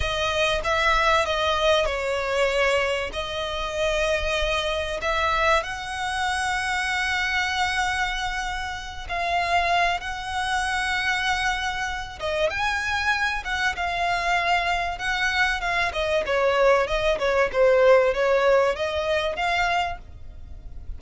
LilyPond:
\new Staff \with { instrumentName = "violin" } { \time 4/4 \tempo 4 = 96 dis''4 e''4 dis''4 cis''4~ | cis''4 dis''2. | e''4 fis''2.~ | fis''2~ fis''8 f''4. |
fis''2.~ fis''8 dis''8 | gis''4. fis''8 f''2 | fis''4 f''8 dis''8 cis''4 dis''8 cis''8 | c''4 cis''4 dis''4 f''4 | }